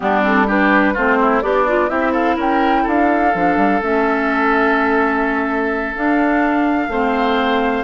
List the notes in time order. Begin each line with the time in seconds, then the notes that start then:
0.00 G3 B3 D4 G4
0.22 C4 A4
0.47 D4 G4 B4
0.93 A3 C4 F4 C5
1.21 E4
1.41 B3 D4 G4 D5
1.67 F4
1.88 C4 E4 G4 E5
2.11 A4 F5
2.36 C#4 A#4 G5
2.82 D4 A4 F5
3.34 F3 D4
3.56 G3
3.81 A3 C#4 E5
5.95 D4 F5
6.87 A3 C4 C5